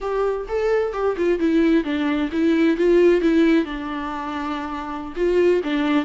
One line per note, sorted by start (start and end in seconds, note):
0.00 0.46 G4
0.48 0.93 A4
0.93 1.16 G4
1.16 1.39 F4
1.39 1.84 E4
1.84 2.29 D4
2.32 2.77 E4
2.77 3.21 F4
3.21 3.64 E4
3.64 5.13 D4
5.15 5.61 F4
5.63 6.05 D4